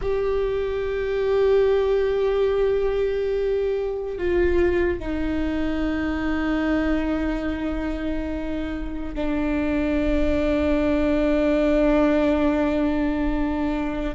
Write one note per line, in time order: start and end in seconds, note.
0.01 4.18 G4
4.18 4.99 F4
4.99 9.14 D#4
9.14 14.14 D4